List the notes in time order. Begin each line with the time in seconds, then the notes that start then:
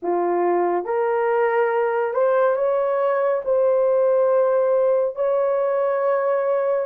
0.02 F4
0.85 A#4
2.14 C5
2.56 C#5
3.44 C5
5.15 C#5